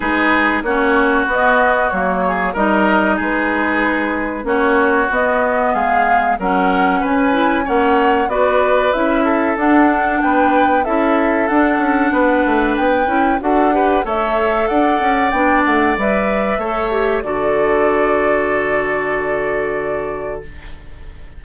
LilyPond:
<<
  \new Staff \with { instrumentName = "flute" } { \time 4/4 \tempo 4 = 94 b'4 cis''4 dis''4 cis''4 | dis''4 b'2 cis''4 | dis''4 f''4 fis''4 gis''4 | fis''4 d''4 e''4 fis''4 |
g''4 e''4 fis''2 | g''4 fis''4 e''4 fis''4 | g''8 fis''8 e''2 d''4~ | d''1 | }
  \new Staff \with { instrumentName = "oboe" } { \time 4/4 gis'4 fis'2~ fis'8 gis'8 | ais'4 gis'2 fis'4~ | fis'4 gis'4 ais'4 b'4 | cis''4 b'4. a'4. |
b'4 a'2 b'4~ | b'4 a'8 b'8 cis''4 d''4~ | d''2 cis''4 a'4~ | a'1 | }
  \new Staff \with { instrumentName = "clarinet" } { \time 4/4 dis'4 cis'4 b4 ais4 | dis'2. cis'4 | b2 cis'4. e'8 | cis'4 fis'4 e'4 d'4~ |
d'4 e'4 d'2~ | d'8 e'8 fis'8 g'8 a'2 | d'4 b'4 a'8 g'8 fis'4~ | fis'1 | }
  \new Staff \with { instrumentName = "bassoon" } { \time 4/4 gis4 ais4 b4 fis4 | g4 gis2 ais4 | b4 gis4 fis4 cis'4 | ais4 b4 cis'4 d'4 |
b4 cis'4 d'8 cis'8 b8 a8 | b8 cis'8 d'4 a4 d'8 cis'8 | b8 a8 g4 a4 d4~ | d1 | }
>>